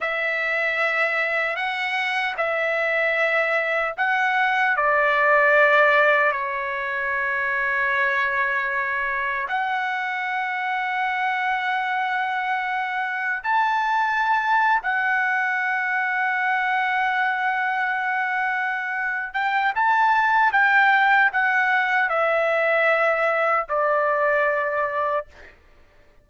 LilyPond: \new Staff \with { instrumentName = "trumpet" } { \time 4/4 \tempo 4 = 76 e''2 fis''4 e''4~ | e''4 fis''4 d''2 | cis''1 | fis''1~ |
fis''4 a''4.~ a''16 fis''4~ fis''16~ | fis''1~ | fis''8 g''8 a''4 g''4 fis''4 | e''2 d''2 | }